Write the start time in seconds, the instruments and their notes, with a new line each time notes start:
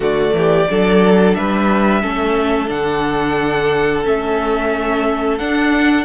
0.00 cello D3, viola A3, violin F#4 D5
0.33 cello E3, violin G4
0.70 cello F#3, viola D4, violin A4
1.34 cello G3, violin B4 E5
2.01 cello A3, viola C#4, violin A4
2.67 cello D3, viola D4, violin F#5
4.04 cello A3, viola C#4, violin E5
5.38 cello D4, viola D4, violin F#5